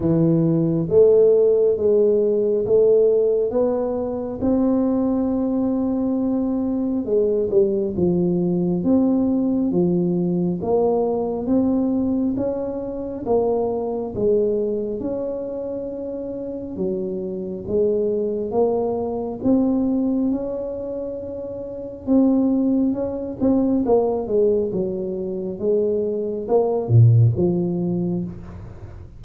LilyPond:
\new Staff \with { instrumentName = "tuba" } { \time 4/4 \tempo 4 = 68 e4 a4 gis4 a4 | b4 c'2. | gis8 g8 f4 c'4 f4 | ais4 c'4 cis'4 ais4 |
gis4 cis'2 fis4 | gis4 ais4 c'4 cis'4~ | cis'4 c'4 cis'8 c'8 ais8 gis8 | fis4 gis4 ais8 ais,8 f4 | }